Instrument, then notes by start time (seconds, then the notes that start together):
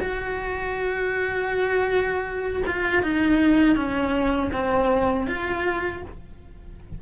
cello
0.00 F#4
2.66 F4
3.02 D#4
3.75 C#4
4.52 C4
5.27 F4